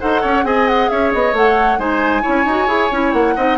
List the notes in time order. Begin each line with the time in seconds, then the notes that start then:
0.00 D#4 A4 C5 F#5
0.21 C#4 C#5
0.43 C4 G#4 D#5 G#5
0.67 F#5
0.89 C#4 C#5 E5
1.13 B3 D#5
1.33 A3 A4 F#5
1.78 G#3 D#4 C5 G#5
2.22 C#4 E4 C#5
2.45 D#4 F#4
2.67 E4 G#4
2.91 C#4 E4
3.13 A#3 F#5
3.36 C4 D#4 D#5